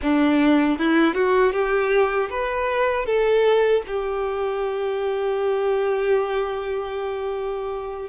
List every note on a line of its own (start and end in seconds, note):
0.02 0.78 D4
0.78 1.14 E4
1.14 1.52 F#4
1.52 2.29 G4
2.30 3.05 B4
3.05 3.82 A4
3.86 8.09 G4